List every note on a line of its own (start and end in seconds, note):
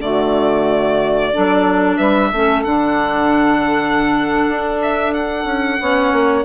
0.00 1.32 D3
0.00 1.34 A3
0.00 1.33 F#4
0.00 1.97 D5
1.33 1.99 F#3
1.33 2.33 D4
1.33 1.97 A4
1.97 2.32 G3
1.97 2.30 B4
1.97 2.63 E5
2.32 2.65 A3
2.32 2.65 C#4
2.32 5.80 A4
2.64 4.47 D3
2.64 5.79 D4
2.64 4.78 F#5
4.49 5.45 D4
4.83 5.14 E5
5.14 6.45 F#5
5.45 5.78 C#4
5.80 6.12 B3
5.80 6.45 C#4
5.80 6.45 C#5
6.12 6.45 A#3